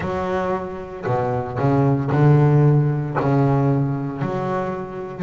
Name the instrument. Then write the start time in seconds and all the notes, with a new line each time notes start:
double bass
0.00 F#3
1.05 B2
1.58 C#3
2.11 D3
3.19 C#3
4.21 F#3